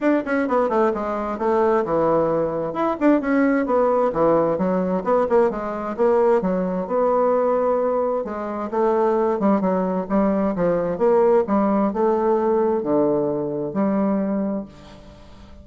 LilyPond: \new Staff \with { instrumentName = "bassoon" } { \time 4/4 \tempo 4 = 131 d'8 cis'8 b8 a8 gis4 a4 | e2 e'8 d'8 cis'4 | b4 e4 fis4 b8 ais8 | gis4 ais4 fis4 b4~ |
b2 gis4 a4~ | a8 g8 fis4 g4 f4 | ais4 g4 a2 | d2 g2 | }